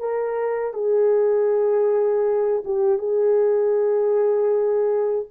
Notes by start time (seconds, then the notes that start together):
0.00 A#4
0.74 G#4
2.65 G4
2.99 G#4